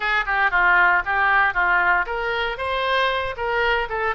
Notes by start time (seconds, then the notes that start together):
0.00 G#4
0.26 G4
0.51 F4
1.05 G4
1.54 F4
2.05 A#4
2.57 C5
3.36 A#4
3.89 A4